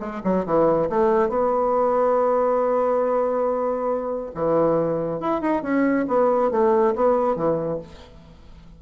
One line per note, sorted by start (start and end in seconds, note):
0.00 0.22 G#3
0.24 0.46 F#3
0.46 0.89 E3
0.90 1.29 A3
1.29 4.31 B3
4.35 5.21 E3
5.21 5.41 E4
5.41 5.63 D#4
5.63 6.06 C#4
6.08 6.51 B3
6.51 6.95 A3
6.96 7.36 B3
7.36 7.80 E3